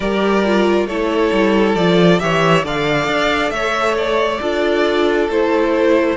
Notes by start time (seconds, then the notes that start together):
0.00 G3 G4 A#4 D5
0.44 F4
0.86 A3 E4 A4 C#5
1.32 G3
1.75 F3 F4 D5
2.19 E3 G4 C#5 E5
2.64 D3 A4 D5 F5
3.06 D4
3.50 A3 C#5 E5
3.97 D5
4.40 D4 F4 A4
5.28 A3 E4 C5